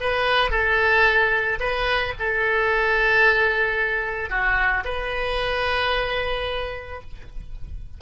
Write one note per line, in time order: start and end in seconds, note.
0.00 0.51 B4
0.51 1.59 A4
1.60 2.14 B4
2.19 4.30 A4
4.30 4.84 F#4
4.85 7.01 B4